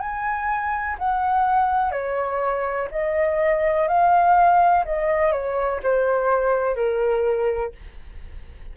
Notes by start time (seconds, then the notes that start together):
0.00 G#5
0.99 F#5
1.91 C#5
2.91 D#5
3.88 F5
4.85 D#5
5.32 C#5
5.83 C5
6.76 A#4